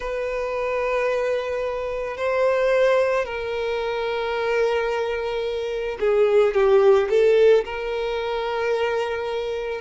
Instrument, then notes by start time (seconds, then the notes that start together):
violin
0.00 B4
2.17 C5
3.25 A#4
6.00 G#4
6.54 G4
7.09 A4
7.65 A#4